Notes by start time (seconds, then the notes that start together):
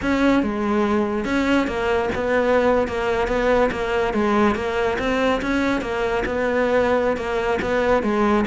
0.02 C#4
0.42 G#3
1.25 C#4
1.67 A#3
2.15 B3
2.87 A#3
3.27 B3
3.71 A#3
4.13 G#3
4.55 A#3
4.98 C4
5.41 C#4
5.81 A#3
6.25 B3
7.16 A#3
7.61 B3
8.02 G#3